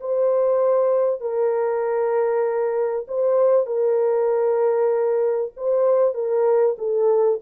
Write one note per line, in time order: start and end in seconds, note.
0.00 1.20 C5
1.20 3.06 A#4
3.07 3.66 C5
3.66 5.52 A#4
5.56 6.14 C5
6.14 6.76 A#4
6.78 7.40 A4